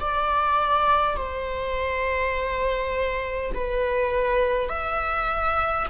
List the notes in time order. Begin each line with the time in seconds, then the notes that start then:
0.00 D5
1.17 C5
3.55 B4
4.69 E5